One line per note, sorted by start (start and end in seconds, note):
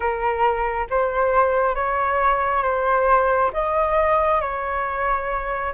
0.00 0.87 A#4
0.90 1.74 C5
1.74 2.62 C#5
2.62 3.51 C5
3.53 4.40 D#5
4.40 5.73 C#5